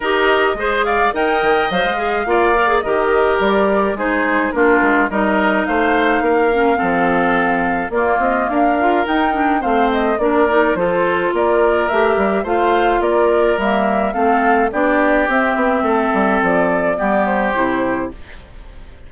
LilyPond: <<
  \new Staff \with { instrumentName = "flute" } { \time 4/4 \tempo 4 = 106 dis''4. f''8 g''4 f''4~ | f''4 dis''4 d''4 c''4 | ais'4 dis''4 f''2~ | f''2 d''8 dis''8 f''4 |
g''4 f''8 dis''8 d''4 c''4 | d''4 e''4 f''4 d''4 | e''4 f''4 d''4 e''4~ | e''4 d''4. c''4. | }
  \new Staff \with { instrumentName = "oboe" } { \time 4/4 ais'4 c''8 d''8 dis''2 | d''4 ais'2 gis'4 | f'4 ais'4 c''4 ais'4 | a'2 f'4 ais'4~ |
ais'4 c''4 ais'4 a'4 | ais'2 c''4 ais'4~ | ais'4 a'4 g'2 | a'2 g'2 | }
  \new Staff \with { instrumentName = "clarinet" } { \time 4/4 g'4 gis'4 ais'4 c''8 gis'8 | f'8 ais'16 gis'16 g'2 dis'4 | d'4 dis'2~ dis'8 cis'8 | c'2 ais4. f'8 |
dis'8 d'8 c'4 d'8 dis'8 f'4~ | f'4 g'4 f'2 | ais4 c'4 d'4 c'4~ | c'2 b4 e'4 | }
  \new Staff \with { instrumentName = "bassoon" } { \time 4/4 dis'4 gis4 dis'8 dis8 fis16 gis8. | ais4 dis4 g4 gis4 | ais8 gis8 g4 a4 ais4 | f2 ais8 c'8 d'4 |
dis'4 a4 ais4 f4 | ais4 a8 g8 a4 ais4 | g4 a4 b4 c'8 b8 | a8 g8 f4 g4 c4 | }
>>